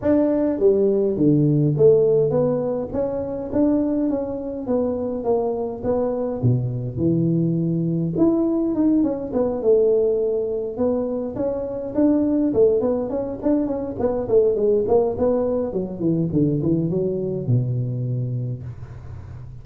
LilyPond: \new Staff \with { instrumentName = "tuba" } { \time 4/4 \tempo 4 = 103 d'4 g4 d4 a4 | b4 cis'4 d'4 cis'4 | b4 ais4 b4 b,4 | e2 e'4 dis'8 cis'8 |
b8 a2 b4 cis'8~ | cis'8 d'4 a8 b8 cis'8 d'8 cis'8 | b8 a8 gis8 ais8 b4 fis8 e8 | d8 e8 fis4 b,2 | }